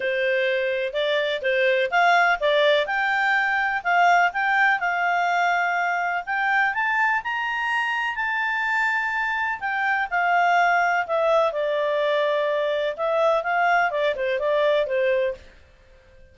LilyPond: \new Staff \with { instrumentName = "clarinet" } { \time 4/4 \tempo 4 = 125 c''2 d''4 c''4 | f''4 d''4 g''2 | f''4 g''4 f''2~ | f''4 g''4 a''4 ais''4~ |
ais''4 a''2. | g''4 f''2 e''4 | d''2. e''4 | f''4 d''8 c''8 d''4 c''4 | }